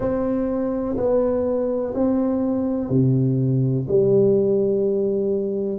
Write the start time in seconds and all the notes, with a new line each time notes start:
0.00 C4
0.97 B3
1.94 C4
2.89 C3
3.88 G3